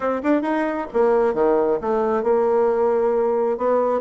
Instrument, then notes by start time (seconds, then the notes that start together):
bassoon
0.00 C4
0.23 D4
0.42 D#4
0.93 A#3
1.34 D#3
1.81 A3
2.23 A#3
3.57 B3